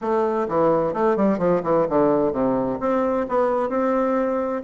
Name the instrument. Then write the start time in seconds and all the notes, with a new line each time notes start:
bassoon
0.01 A3
0.48 E3
0.93 A3
1.16 G3
1.38 F3
1.63 E3
1.89 D3
2.32 C3
2.79 C4
3.29 B3
3.69 C4